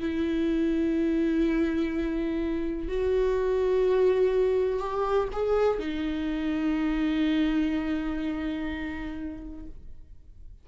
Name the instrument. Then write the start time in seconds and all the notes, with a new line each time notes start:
viola
0.00 E4
2.89 F#4
4.80 G4
5.33 G#4
5.79 D#4